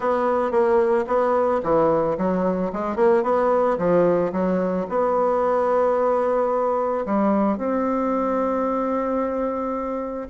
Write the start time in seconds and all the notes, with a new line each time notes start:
0.00 B3
0.51 A#3
1.07 B3
1.63 E3
2.17 F#3
2.72 G#3
2.96 A#3
3.23 B3
3.78 F3
4.32 F#3
4.89 B3
7.05 G3
7.57 C4